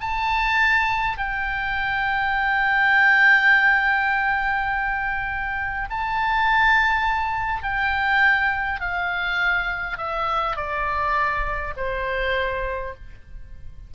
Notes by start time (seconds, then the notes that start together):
0.00 A5
1.18 G5
5.90 A5
7.63 G5
8.80 F5
9.97 E5
10.56 D5
11.76 C5